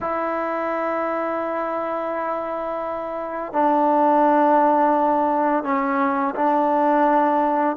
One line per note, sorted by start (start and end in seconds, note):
0.00 3.52 E4
3.52 5.63 D4
5.63 6.34 C#4
6.35 7.76 D4